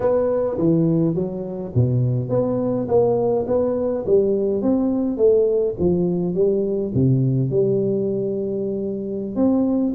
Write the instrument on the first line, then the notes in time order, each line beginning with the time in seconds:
tuba
0.00 B3
0.57 E3
1.14 F#3
1.74 B2
2.29 B3
2.88 A#3
3.47 B3
4.06 G3
4.62 C4
5.17 A3
5.79 F3
6.34 G3
6.94 C3
7.49 G3
9.35 C4